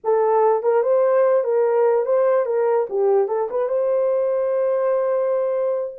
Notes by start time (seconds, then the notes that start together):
0.04 A4
0.62 A#4
0.83 C5
1.44 A#4
2.05 C5
2.45 A#4
2.89 G4
3.28 A4
3.50 B4
3.68 C5